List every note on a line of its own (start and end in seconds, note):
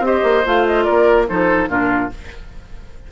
0.00 0.21 C4
0.00 0.44 G4
0.00 0.47 D#5
0.06 0.85 C5
0.24 0.44 A#3
0.46 0.87 A3
0.46 1.28 F4
0.46 0.67 F5
0.67 0.84 D#5
0.84 1.26 A#4
0.84 1.25 D5
0.90 1.30 A#3
1.28 1.68 F3
1.28 1.69 D#4
1.28 1.70 A4
1.28 1.70 C5
1.68 2.10 A#2
1.68 2.10 D4
1.68 2.11 F4
1.68 2.12 A#4